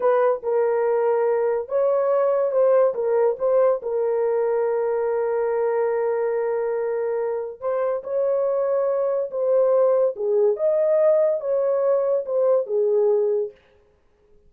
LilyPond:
\new Staff \with { instrumentName = "horn" } { \time 4/4 \tempo 4 = 142 b'4 ais'2. | cis''2 c''4 ais'4 | c''4 ais'2.~ | ais'1~ |
ais'2 c''4 cis''4~ | cis''2 c''2 | gis'4 dis''2 cis''4~ | cis''4 c''4 gis'2 | }